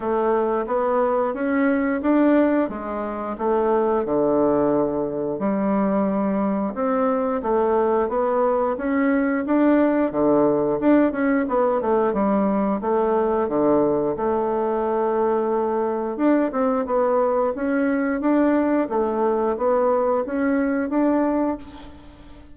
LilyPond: \new Staff \with { instrumentName = "bassoon" } { \time 4/4 \tempo 4 = 89 a4 b4 cis'4 d'4 | gis4 a4 d2 | g2 c'4 a4 | b4 cis'4 d'4 d4 |
d'8 cis'8 b8 a8 g4 a4 | d4 a2. | d'8 c'8 b4 cis'4 d'4 | a4 b4 cis'4 d'4 | }